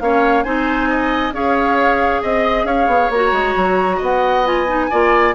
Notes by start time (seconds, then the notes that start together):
0.00 A#3 C#4 C#5 F5
0.43 C4 D#4 C5 G#5
0.90 D#5
1.32 C#4 G#4 C#5 F5
2.22 C4 D#5
2.65 C#4 C#5 F5
2.87 B3
3.10 A#3 F#4 A#5
3.32 G#3
3.56 F#3
3.97 B3 D#5 F#5
4.45 F4 G#5
4.67 D#4
4.91 A#3 F4 D5